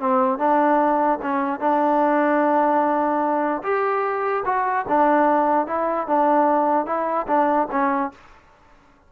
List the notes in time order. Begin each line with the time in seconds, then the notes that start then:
0.00 C4
0.39 D4
1.22 C#4
1.60 D4
3.63 G4
4.45 F#4
4.89 D4
5.67 E4
6.07 D4
6.86 E4
7.28 D4
7.71 C#4